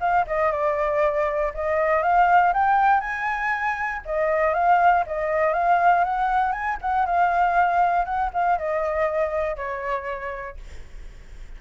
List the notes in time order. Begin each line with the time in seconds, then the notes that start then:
0.00 F5
0.27 D#5
0.52 D5
1.54 D#5
2.02 F5
2.53 G5
3.00 G#5
4.05 D#5
4.54 F5
5.06 D#5
5.53 F5
6.04 F#5
6.52 G#5
6.81 F#5
7.06 F5
8.05 F#5
8.33 F5
8.58 D#5
9.56 C#5